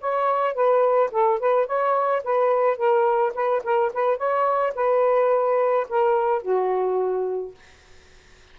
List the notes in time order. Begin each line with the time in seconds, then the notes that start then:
0.00 C#5
0.54 B4
1.11 A4
1.39 B4
1.66 C#5
2.23 B4
2.77 A#4
3.34 B4
3.64 A#4
3.93 B4
4.17 C#5
4.75 B4
5.89 A#4
6.42 F#4